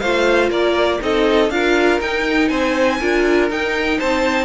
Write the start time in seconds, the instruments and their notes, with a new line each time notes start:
0.00 cello A3, viola F4, violin C5 F5
0.50 cello A#3, violin A#4 D5
1.00 cello C4, viola D#4, violin A4 D#5
1.50 cello D4, viola F4, violin A#4 F5
2.01 cello D#4, viola D#4, violin G5
2.49 cello C4, violin C5 G#5
3.00 cello D4, viola F4, violin A#4
3.51 cello D#4, viola D#4, violin G5
3.99 cello C4, violin C5 A5